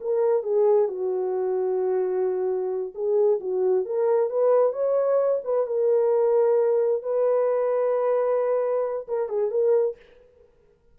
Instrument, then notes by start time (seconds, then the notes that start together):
horn
0.00 A#4
0.43 G#4
0.88 F#4
2.94 G#4
3.40 F#4
3.85 A#4
4.29 B4
4.72 C#5
5.44 B4
5.66 A#4
7.02 B4
9.07 A#4
9.29 G#4
9.50 A#4